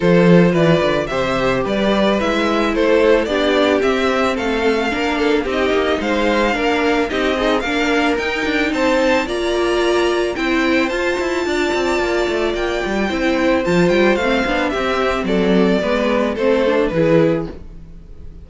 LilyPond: <<
  \new Staff \with { instrumentName = "violin" } { \time 4/4 \tempo 4 = 110 c''4 d''4 e''4 d''4 | e''4 c''4 d''4 e''4 | f''2 dis''4 f''4~ | f''4 dis''4 f''4 g''4 |
a''4 ais''2 g''4 | a''2. g''4~ | g''4 a''8 g''8 f''4 e''4 | d''2 c''4 b'4 | }
  \new Staff \with { instrumentName = "violin" } { \time 4/4 a'4 b'4 c''4 b'4~ | b'4 a'4 g'2 | a'4 ais'8 a'8 g'4 c''4 | ais'4 g'8 dis'8 ais'2 |
c''4 d''2 c''4~ | c''4 d''2. | c''2. g'4 | a'4 b'4 a'4 gis'4 | }
  \new Staff \with { instrumentName = "viola" } { \time 4/4 f'2 g'2 | e'2 d'4 c'4~ | c'4 d'4 dis'2 | d'4 dis'8 gis'8 d'4 dis'4~ |
dis'4 f'2 e'4 | f'1 | e'4 f'4 c'8 d'8 c'4~ | c'4 b4 c'8 d'8 e'4 | }
  \new Staff \with { instrumentName = "cello" } { \time 4/4 f4 e8 d8 c4 g4 | gis4 a4 b4 c'4 | a4 ais4 c'8 ais8 gis4 | ais4 c'4 ais4 dis'8 d'8 |
c'4 ais2 c'4 | f'8 e'8 d'8 c'8 ais8 a8 ais8 g8 | c'4 f8 g8 a8 b8 c'4 | fis4 gis4 a4 e4 | }
>>